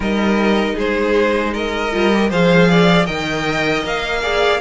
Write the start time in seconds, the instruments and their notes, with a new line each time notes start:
0.00 cello G3, viola D#4, violin A#4 D#5
0.75 cello G#3, violin G#4 C5
1.53 violin A#4 D#5
1.92 cello G3, viola F4
2.12 viola G4
2.29 cello F3, viola G#4, violin C5 F5
2.70 violin D5
3.05 cello D#3, viola A#4, violin D#5 G5
3.83 cello A#3, violin F5
4.22 viola G#4, violin D5